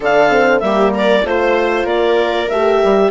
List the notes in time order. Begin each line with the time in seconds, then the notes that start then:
0.00 D3 D4 A4 F5
0.29 C4
0.59 G3 A#3 G4 E5
0.94 A#4 D5
1.23 A3 F4 C5
1.30 C5
1.83 A#3 A#4 D5
2.49 A3 G4 E5
2.83 G3